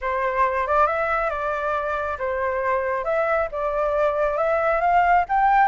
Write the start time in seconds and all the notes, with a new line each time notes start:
0.01 C5
0.67 D5
0.86 E5
1.30 D5
2.18 C5
3.04 E5
3.51 D5
4.37 E5
4.81 F5
5.28 G5